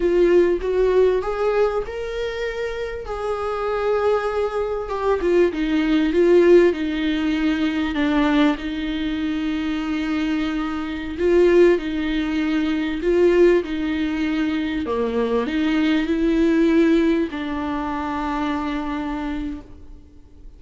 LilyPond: \new Staff \with { instrumentName = "viola" } { \time 4/4 \tempo 4 = 98 f'4 fis'4 gis'4 ais'4~ | ais'4 gis'2. | g'8 f'8 dis'4 f'4 dis'4~ | dis'4 d'4 dis'2~ |
dis'2~ dis'16 f'4 dis'8.~ | dis'4~ dis'16 f'4 dis'4.~ dis'16~ | dis'16 ais4 dis'4 e'4.~ e'16~ | e'16 d'2.~ d'8. | }